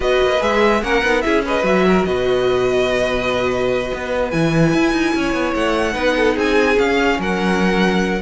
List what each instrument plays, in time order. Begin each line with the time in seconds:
0.00 cello B3, viola F#4, violin B4 D#5
0.21 cello A#3
0.40 cello G#3, viola G#4, violin E5
0.82 cello A#3, viola C#4, violin A#4 F#5
1.03 cello B3, viola D#4
1.21 cello C#4, viola E4, violin G#4 E5
1.44 viola G#4, violin B4 D#5
1.63 cello F#3, viola F#4, violin E5
1.87 violin A#4
2.05 cello B2, violin B4 D#5
3.94 cello B3
4.30 cello E3, viola E4, violin G#5
4.73 cello E4
4.92 cello D#4
5.15 cello C#4, violin C#5
5.33 cello B3
5.54 cello A3, violin F#5
5.92 cello B3, viola D#4, violin B4
6.16 violin A4
6.35 cello C4, violin G#4 G#5
6.74 viola C#4, cello C#4, violin F5
7.18 cello F#3, violin A#4 F#5